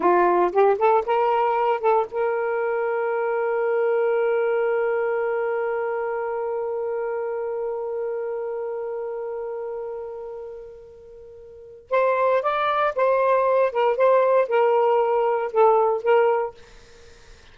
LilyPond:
\new Staff \with { instrumentName = "saxophone" } { \time 4/4 \tempo 4 = 116 f'4 g'8 a'8 ais'4. a'8 | ais'1~ | ais'1~ | ais'1~ |
ais'1~ | ais'2. c''4 | d''4 c''4. ais'8 c''4 | ais'2 a'4 ais'4 | }